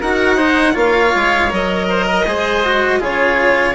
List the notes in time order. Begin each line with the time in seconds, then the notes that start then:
0.00 D#4 F#4 A#4 F#5
0.37 D#4 C5
0.73 A#3 F4 C#5 F5
1.15 G#3
1.49 F#3 A#4 D#5
1.89 C5
2.06 A#4
2.26 G#3 G#4 C5
2.65 F#4
3.00 C#3 F4 G#4 C#5